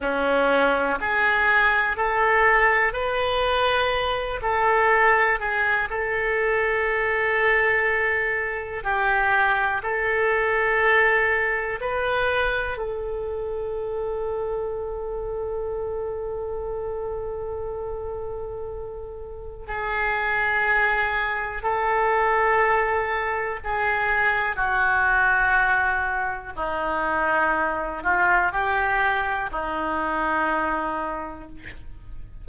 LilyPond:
\new Staff \with { instrumentName = "oboe" } { \time 4/4 \tempo 4 = 61 cis'4 gis'4 a'4 b'4~ | b'8 a'4 gis'8 a'2~ | a'4 g'4 a'2 | b'4 a'2.~ |
a'1 | gis'2 a'2 | gis'4 fis'2 dis'4~ | dis'8 f'8 g'4 dis'2 | }